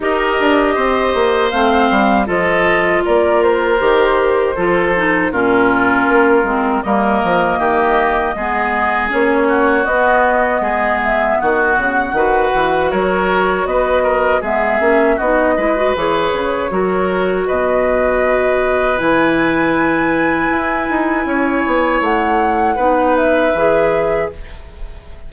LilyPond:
<<
  \new Staff \with { instrumentName = "flute" } { \time 4/4 \tempo 4 = 79 dis''2 f''4 dis''4 | d''8 c''2~ c''8 ais'4~ | ais'4 dis''2. | cis''4 dis''4. e''8 fis''4~ |
fis''4 cis''4 dis''4 e''4 | dis''4 cis''2 dis''4~ | dis''4 gis''2.~ | gis''4 fis''4. e''4. | }
  \new Staff \with { instrumentName = "oboe" } { \time 4/4 ais'4 c''2 a'4 | ais'2 a'4 f'4~ | f'4 ais'4 g'4 gis'4~ | gis'8 fis'4. gis'4 fis'4 |
b'4 ais'4 b'8 ais'8 gis'4 | fis'8 b'4. ais'4 b'4~ | b'1 | cis''2 b'2 | }
  \new Staff \with { instrumentName = "clarinet" } { \time 4/4 g'2 c'4 f'4~ | f'4 g'4 f'8 dis'8 cis'4~ | cis'8 c'8 ais2 b4 | cis'4 b2. |
fis'2. b8 cis'8 | dis'8 e'16 fis'16 gis'4 fis'2~ | fis'4 e'2.~ | e'2 dis'4 gis'4 | }
  \new Staff \with { instrumentName = "bassoon" } { \time 4/4 dis'8 d'8 c'8 ais8 a8 g8 f4 | ais4 dis4 f4 ais,4 | ais8 gis8 g8 f8 dis4 gis4 | ais4 b4 gis4 dis8 cis8 |
dis8 e8 fis4 b4 gis8 ais8 | b8 gis8 e8 cis8 fis4 b,4~ | b,4 e2 e'8 dis'8 | cis'8 b8 a4 b4 e4 | }
>>